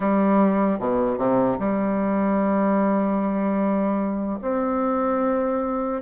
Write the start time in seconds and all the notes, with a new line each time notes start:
0.00 G3
0.79 B2
1.17 C3
1.59 G3
4.41 C4